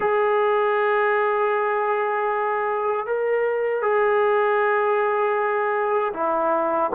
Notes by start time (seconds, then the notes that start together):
0.00 G#4
3.06 A#4
3.82 G#4
6.13 E4